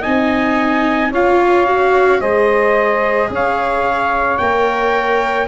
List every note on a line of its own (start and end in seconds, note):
0.00 1.10 C4
0.00 1.11 D#4
0.00 1.09 D#5
0.00 1.11 G#5
1.10 2.19 C#4
1.10 1.66 F4
1.10 2.19 C#5
1.10 2.20 F5
1.66 2.21 F#4
2.20 3.29 G#3
2.20 4.39 G#4
2.20 3.29 C5
2.20 3.29 D#5
3.29 4.38 C#4
3.29 5.47 C#5
3.29 4.37 F5
4.37 5.47 A#3
4.37 5.47 A#4
4.37 5.47 G5